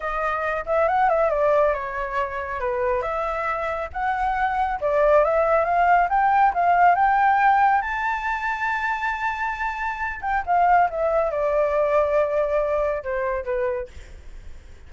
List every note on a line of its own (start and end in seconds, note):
0.00 0.64 D#5
0.66 0.87 E5
0.87 1.09 F#5
1.09 1.30 E5
1.30 1.73 D5
1.73 2.60 C#5
2.60 3.01 B4
3.01 3.88 E5
3.92 4.79 F#5
4.80 5.24 D5
5.24 5.64 E5
5.64 6.08 F5
6.09 6.52 G5
6.54 6.95 F5
6.95 7.81 G5
7.81 10.20 A5
10.21 10.43 G5
10.45 10.89 F5
10.90 11.30 E5
11.30 13.03 D5
13.03 13.44 C5
13.44 13.88 B4